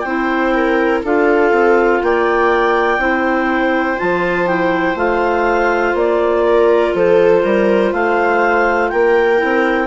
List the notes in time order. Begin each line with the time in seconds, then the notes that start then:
0.00 C4 E4 C5 G5
0.54 A#4
1.03 D4 F4 A4 F5
1.51 C4
2.01 A#3 D5 G5
2.98 C4 E4 C5
3.97 F3 F4 A5
4.46 E4 G5
4.95 A3 F4 F5
5.94 A#3 D5
6.47 A#4
6.93 F3 A4 C5
7.43 G3 A#4
7.91 A3 C5 F5
8.89 A#3 A#4 G5
9.37 C4 E4